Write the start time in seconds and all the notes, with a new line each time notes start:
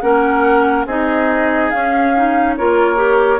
0.00 A#3 C#4 A#4 F#5
0.85 C4 D#4 G#4 D#5
1.70 C#4 F5
2.16 D#4
2.56 A#3 F4 A#4 C#5
2.96 G4